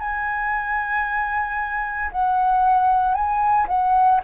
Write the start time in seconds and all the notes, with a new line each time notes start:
0.00 G#5
2.12 F#5
3.14 G#5
3.68 F#5